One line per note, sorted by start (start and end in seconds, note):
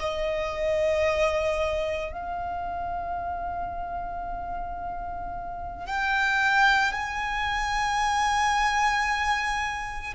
0.00 2.12 D#5
2.12 5.87 F5
5.87 6.93 G5
6.93 10.14 G#5